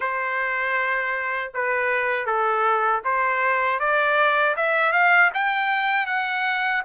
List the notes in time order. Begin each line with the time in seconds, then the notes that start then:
0.00 C5
1.54 B4
2.26 A4
3.04 C5
3.79 D5
4.56 E5
4.92 F5
5.34 G5
6.06 F#5